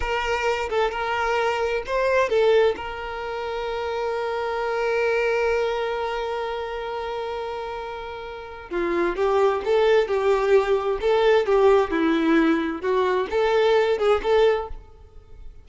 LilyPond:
\new Staff \with { instrumentName = "violin" } { \time 4/4 \tempo 4 = 131 ais'4. a'8 ais'2 | c''4 a'4 ais'2~ | ais'1~ | ais'1~ |
ais'2. f'4 | g'4 a'4 g'2 | a'4 g'4 e'2 | fis'4 a'4. gis'8 a'4 | }